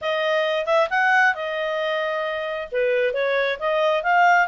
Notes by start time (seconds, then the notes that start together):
0.01 D#5
0.66 E5
0.90 F#5
1.34 D#5
2.71 B4
3.13 C#5
3.59 D#5
4.03 F5